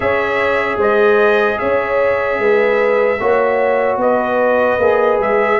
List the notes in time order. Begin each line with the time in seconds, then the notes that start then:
0.00 C#4 G#4 C#5 E5
0.77 G#3 C5 D#5
1.58 C#4 C#5 E5
2.38 G#3 B4
3.19 A#3 F#4 C#5
3.97 B3 B4 D#5
4.79 A#3 G#4
5.19 G#3 E5